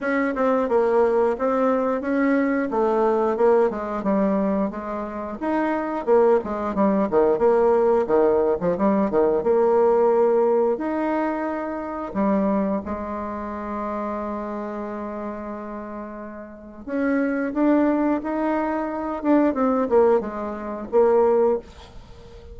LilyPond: \new Staff \with { instrumentName = "bassoon" } { \time 4/4 \tempo 4 = 89 cis'8 c'8 ais4 c'4 cis'4 | a4 ais8 gis8 g4 gis4 | dis'4 ais8 gis8 g8 dis8 ais4 | dis8. f16 g8 dis8 ais2 |
dis'2 g4 gis4~ | gis1~ | gis4 cis'4 d'4 dis'4~ | dis'8 d'8 c'8 ais8 gis4 ais4 | }